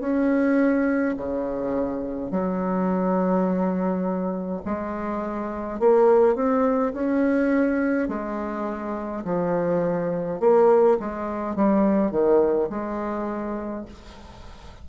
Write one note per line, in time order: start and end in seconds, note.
0.00 1.15 C#4
1.17 2.31 C#3
2.31 4.62 F#3
4.65 5.80 G#3
5.80 6.35 A#3
6.35 6.93 C4
6.93 8.09 C#4
8.09 9.24 G#3
9.25 10.40 F3
10.40 10.98 A#3
11.00 11.55 G#3
11.55 12.11 G3
12.11 12.69 D#3
12.70 13.85 G#3